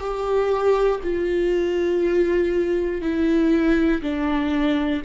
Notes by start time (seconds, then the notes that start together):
0.00 G4
1.04 F4
3.02 E4
4.02 D4